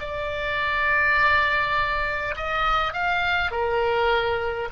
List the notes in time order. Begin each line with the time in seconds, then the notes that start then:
0.00 D5
2.37 D#5
2.94 F5
3.51 A#4